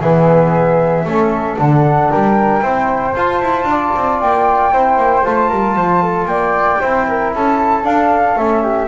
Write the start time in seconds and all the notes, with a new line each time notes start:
0.00 E3 B3 G#4 E5
1.05 A3 C#4 A4
1.58 D3 D4 F#5
2.10 G3 A#4 G5
2.62 C4 E4 C5
3.16 F4 A5
3.42 E4
3.64 D4 D5
3.96 C4
4.20 A#3 G5
4.72 C4 E4 C5
4.97 A#3
5.24 A3 F4 A5
5.49 G3 A#4
5.76 F3 C5
6.02 A4
6.25 A#3 D5 G5
6.80 C4 E4 C5
7.08 A#4
7.34 C#4 A4 A5
7.83 D4 F5
8.36 A3 C#4 E5
8.63 G4